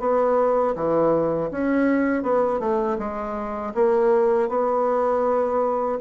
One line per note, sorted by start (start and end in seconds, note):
0.00 0.75 B3
0.75 1.50 E3
1.52 2.23 C#4
2.23 2.60 B3
2.60 2.98 A3
2.99 3.74 G#3
3.75 4.49 A#3
4.49 5.99 B3